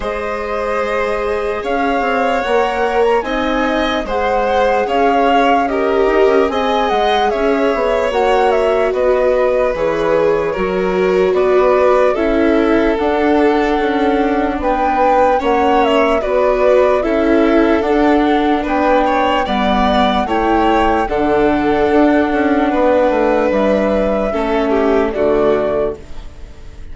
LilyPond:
<<
  \new Staff \with { instrumentName = "flute" } { \time 4/4 \tempo 4 = 74 dis''2 f''4 fis''8. ais''16 | gis''4 fis''4 f''4 dis''4 | gis''8 fis''8 e''4 fis''8 e''8 dis''4 | cis''2 d''4 e''4 |
fis''2 g''4 fis''8 e''8 | d''4 e''4 fis''4 g''4 | fis''4 g''4 fis''2~ | fis''4 e''2 d''4 | }
  \new Staff \with { instrumentName = "violin" } { \time 4/4 c''2 cis''2 | dis''4 c''4 cis''4 ais'4 | dis''4 cis''2 b'4~ | b'4 ais'4 b'4 a'4~ |
a'2 b'4 cis''4 | b'4 a'2 b'8 cis''8 | d''4 cis''4 a'2 | b'2 a'8 g'8 fis'4 | }
  \new Staff \with { instrumentName = "viola" } { \time 4/4 gis'2. ais'4 | dis'4 gis'2 g'4 | gis'2 fis'2 | gis'4 fis'2 e'4 |
d'2. cis'4 | fis'4 e'4 d'2 | b4 e'4 d'2~ | d'2 cis'4 a4 | }
  \new Staff \with { instrumentName = "bassoon" } { \time 4/4 gis2 cis'8 c'8 ais4 | c'4 gis4 cis'4. dis'16 cis'16 | c'8 gis8 cis'8 b8 ais4 b4 | e4 fis4 b4 cis'4 |
d'4 cis'4 b4 ais4 | b4 cis'4 d'4 b4 | g4 a4 d4 d'8 cis'8 | b8 a8 g4 a4 d4 | }
>>